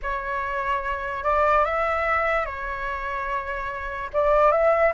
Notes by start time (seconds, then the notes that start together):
0.02 C#5
1.23 D5
1.64 E5
2.45 C#5
4.13 D5
4.51 E5